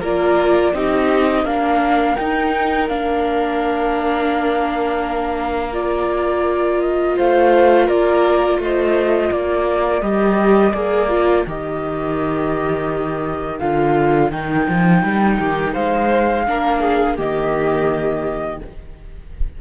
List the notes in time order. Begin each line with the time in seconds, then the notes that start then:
0.00 A#3 F4 A#4 D5
0.73 C4 D#4 G4 D#5
1.44 A#3 D4 A#4 F5
2.15 D#4 G5
2.88 A#3 D4 F5
5.73 F4 D5
6.80 D#5
7.16 A3 C5 F5
7.87 A#3 A#4 D5
8.59 A3 C5 D#5
9.31 A#3 A#4 D5
10.01 G3 G4 D#5
10.73 A#3 G#4 D5
11.09 F4
11.46 D#3 G4 D#5
13.59 D3 F4 F5
14.31 D#3 D#4 G5
14.68 F3
15.03 G3
15.38 D#3 G4
15.72 G#3 C5 F5
16.46 A#3 D4 A#4
16.80 G#4
17.16 D#3 A#3 G4 D#5